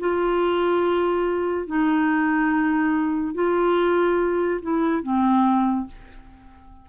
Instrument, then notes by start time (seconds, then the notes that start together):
clarinet
0.00 F4
1.67 D#4
3.35 F4
4.62 E4
5.03 C4